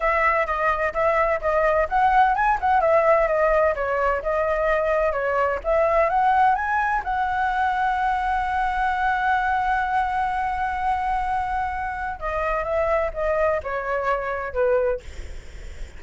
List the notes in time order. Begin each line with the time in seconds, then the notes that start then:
0.00 E5
0.46 D#5
0.93 E5
1.41 D#5
1.88 F#5
2.35 G#5
2.60 F#5
2.80 E5
3.27 D#5
3.75 C#5
4.22 D#5
5.12 C#5
5.64 E5
6.09 F#5
6.55 G#5
7.03 F#5
12.19 D#5
12.63 E5
13.13 D#5
13.63 C#5
14.53 B4